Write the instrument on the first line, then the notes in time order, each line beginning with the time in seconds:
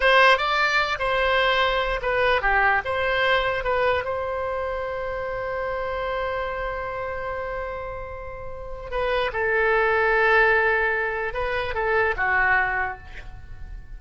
oboe
0.00 C5
0.37 D5
0.99 C5
2.02 B4
2.41 G4
2.84 C5
3.64 B4
4.04 C5
8.90 B4
9.32 A4
11.33 B4
11.74 A4
12.16 F#4